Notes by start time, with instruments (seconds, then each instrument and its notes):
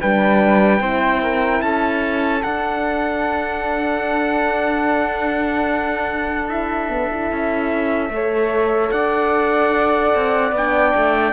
0.00 cello G3, horn D4, flute B4, trumpet G5
0.80 cello C4, horn E4, flute C5
1.22 flute A#4
1.61 cello C#4, flute A4, trumpet A5
2.42 horn D4, cello D4, trumpet F#5
6.48 horn E4, trumpet E5
6.89 horn B3
7.10 horn E4
7.31 cello C#4
8.09 cello A3, horn A4, flute C#5
8.91 cello D4, flute D5, trumpet F#5
10.14 cello C4
10.52 cello B3, horn D4, trumpet G5
10.96 cello A3